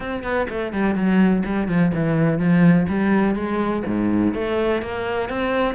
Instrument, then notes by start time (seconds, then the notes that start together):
cello
0.00 C4
0.23 B3
0.49 A3
0.72 G3
0.95 F#3
1.45 G3
1.68 F3
1.94 E3
2.38 F3
2.88 G3
3.35 G#3
3.86 G#2
4.34 A3
4.82 A#3
5.29 C4